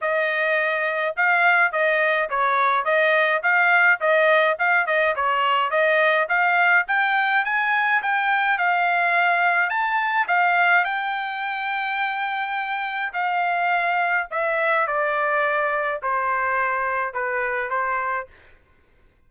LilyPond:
\new Staff \with { instrumentName = "trumpet" } { \time 4/4 \tempo 4 = 105 dis''2 f''4 dis''4 | cis''4 dis''4 f''4 dis''4 | f''8 dis''8 cis''4 dis''4 f''4 | g''4 gis''4 g''4 f''4~ |
f''4 a''4 f''4 g''4~ | g''2. f''4~ | f''4 e''4 d''2 | c''2 b'4 c''4 | }